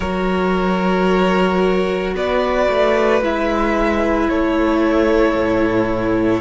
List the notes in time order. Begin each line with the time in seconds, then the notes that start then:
0.00 F#3 F#4 A#4 C#5
2.14 B3 B4 D5
2.69 A3
3.21 G#3 E4 E5
4.28 A3 A4 C#5
5.35 A2